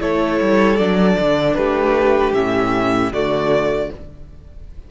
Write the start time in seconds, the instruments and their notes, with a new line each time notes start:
0.00 cello A3, viola E4, violin A4 C#5
0.41 cello G3
0.77 cello F#3, viola D4, violin D5
1.19 cello D3
1.55 cello A3, violin G4 B4
2.34 cello A2, viola C#4, violin E5
3.12 cello D3, viola A3, violin F#4 D5